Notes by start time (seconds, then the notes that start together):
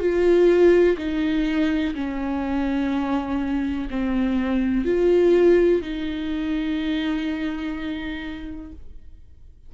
0.00 F4
0.98 D#4
1.95 C#4
3.90 C4
4.85 F4
5.82 D#4